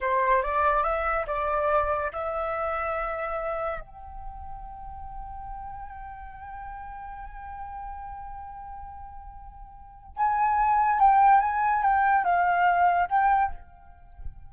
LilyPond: \new Staff \with { instrumentName = "flute" } { \time 4/4 \tempo 4 = 142 c''4 d''4 e''4 d''4~ | d''4 e''2.~ | e''4 g''2.~ | g''1~ |
g''1~ | g''1 | gis''2 g''4 gis''4 | g''4 f''2 g''4 | }